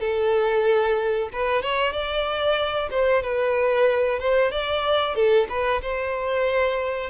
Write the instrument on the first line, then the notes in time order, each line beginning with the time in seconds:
violin
0.00 A4
1.33 B4
1.62 C#5
1.92 D5
2.90 C5
3.22 B4
4.19 C5
4.51 D5
5.15 A4
5.49 B4
5.82 C5